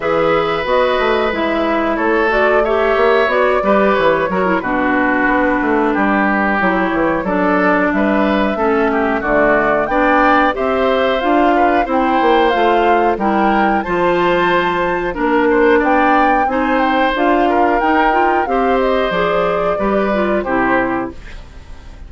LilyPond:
<<
  \new Staff \with { instrumentName = "flute" } { \time 4/4 \tempo 4 = 91 e''4 dis''4 e''4 cis''8 d''8 | e''4 d''4 cis''4 b'4~ | b'2 cis''4 d''4 | e''2 d''4 g''4 |
e''4 f''4 g''4 f''4 | g''4 a''2 ais'4 | g''4 gis''8 g''8 f''4 g''4 | f''8 dis''8 d''2 c''4 | }
  \new Staff \with { instrumentName = "oboe" } { \time 4/4 b'2. a'4 | cis''4. b'4 ais'8 fis'4~ | fis'4 g'2 a'4 | b'4 a'8 g'8 fis'4 d''4 |
c''4. b'8 c''2 | ais'4 c''2 ais'8 c''8 | d''4 c''4. ais'4. | c''2 b'4 g'4 | }
  \new Staff \with { instrumentName = "clarinet" } { \time 4/4 gis'4 fis'4 e'4. fis'8 | g'4 fis'8 g'4 fis'16 e'16 d'4~ | d'2 e'4 d'4~ | d'4 cis'4 a4 d'4 |
g'4 f'4 e'4 f'4 | e'4 f'2 d'4~ | d'4 dis'4 f'4 dis'8 f'8 | g'4 gis'4 g'8 f'8 e'4 | }
  \new Staff \with { instrumentName = "bassoon" } { \time 4/4 e4 b8 a8 gis4 a4~ | a8 ais8 b8 g8 e8 fis8 b,4 | b8 a8 g4 fis8 e8 fis4 | g4 a4 d4 b4 |
c'4 d'4 c'8 ais8 a4 | g4 f2 ais4 | b4 c'4 d'4 dis'4 | c'4 f4 g4 c4 | }
>>